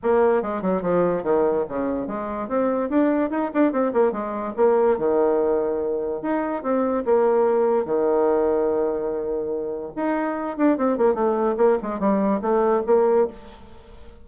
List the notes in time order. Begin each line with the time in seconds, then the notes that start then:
0.03 A#3
0.42 G#3
0.62 F#3
0.82 F3
1.23 D#3
1.69 C#3
2.07 G#3
2.48 C4
2.89 D4
3.30 D#4
3.54 D4
3.72 C4
3.93 A#3
4.12 G#3
4.56 A#3
4.98 D#3
6.21 D#4
6.62 C4
7.05 A#3
7.85 D#3
9.96 D#4
10.57 D4
10.77 C4
10.97 A#3
11.14 A3
11.57 A#3
11.82 G#3
11.99 G3
12.41 A3
12.86 A#3